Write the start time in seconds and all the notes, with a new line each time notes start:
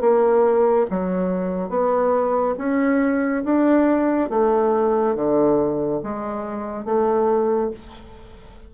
0.00 A#3
0.90 F#3
1.69 B3
2.58 C#4
3.44 D4
4.29 A3
5.15 D3
6.03 G#3
6.85 A3